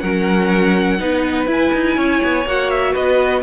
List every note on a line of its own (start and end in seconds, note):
0.00 1.00 F#3
0.00 0.99 C#4
0.00 1.00 A#4
0.00 1.46 F#5
0.99 1.47 B3
0.99 1.47 D#4
0.99 1.97 B4
1.47 2.45 E4
1.47 1.72 E4
1.47 2.48 G#5
1.73 1.97 D#4
1.97 2.22 C#4
1.97 2.93 C#5
2.24 2.46 B3
2.46 2.94 A#3
2.46 3.43 F#4
2.46 2.70 F#5
2.70 2.95 E5
2.93 3.43 B3
2.93 3.41 B4
2.93 3.43 D#5